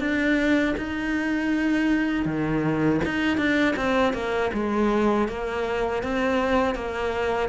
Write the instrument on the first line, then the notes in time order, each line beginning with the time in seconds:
cello
0.00 D4
0.77 D#4
2.25 D#3
3.05 D#4
3.37 D4
3.76 C4
4.14 A#3
4.53 G#3
5.28 A#3
6.03 C4
6.75 A#3